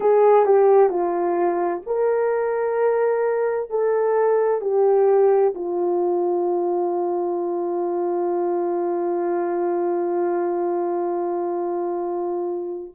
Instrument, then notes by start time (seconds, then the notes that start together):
horn
0.00 G#4
0.45 G4
0.89 F4
1.86 A#4
3.70 A4
4.61 G4
5.54 F4